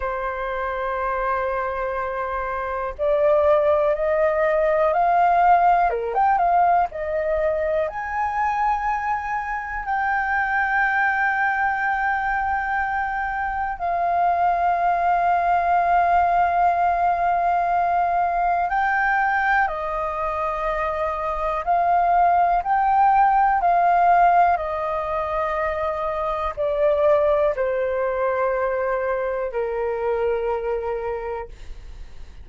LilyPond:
\new Staff \with { instrumentName = "flute" } { \time 4/4 \tempo 4 = 61 c''2. d''4 | dis''4 f''4 ais'16 g''16 f''8 dis''4 | gis''2 g''2~ | g''2 f''2~ |
f''2. g''4 | dis''2 f''4 g''4 | f''4 dis''2 d''4 | c''2 ais'2 | }